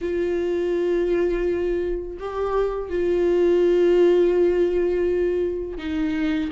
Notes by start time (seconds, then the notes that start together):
0.01 F4
2.19 G4
2.89 F4
5.78 D#4